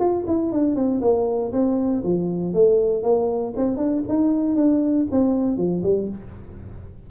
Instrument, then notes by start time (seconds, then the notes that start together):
tuba
0.00 F4
0.28 E4
0.52 D4
0.76 C4
1.01 A#3
1.53 C4
2.04 F3
2.54 A3
3.03 A#3
3.57 C4
3.77 D4
4.09 D#4
4.56 D4
5.12 C4
5.58 F3
5.84 G3